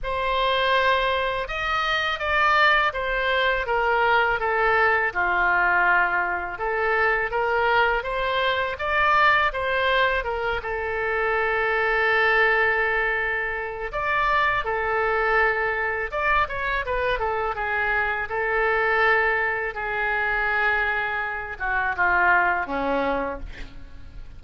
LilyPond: \new Staff \with { instrumentName = "oboe" } { \time 4/4 \tempo 4 = 82 c''2 dis''4 d''4 | c''4 ais'4 a'4 f'4~ | f'4 a'4 ais'4 c''4 | d''4 c''4 ais'8 a'4.~ |
a'2. d''4 | a'2 d''8 cis''8 b'8 a'8 | gis'4 a'2 gis'4~ | gis'4. fis'8 f'4 cis'4 | }